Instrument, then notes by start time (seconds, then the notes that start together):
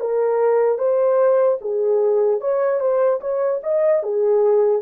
horn
0.00 A#4
0.78 C5
1.61 G#4
2.40 C#5
2.80 C5
3.21 C#5
3.63 D#5
4.03 G#4